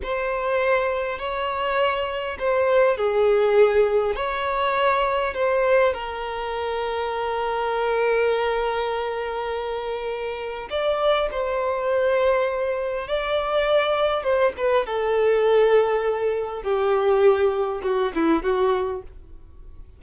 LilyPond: \new Staff \with { instrumentName = "violin" } { \time 4/4 \tempo 4 = 101 c''2 cis''2 | c''4 gis'2 cis''4~ | cis''4 c''4 ais'2~ | ais'1~ |
ais'2 d''4 c''4~ | c''2 d''2 | c''8 b'8 a'2. | g'2 fis'8 e'8 fis'4 | }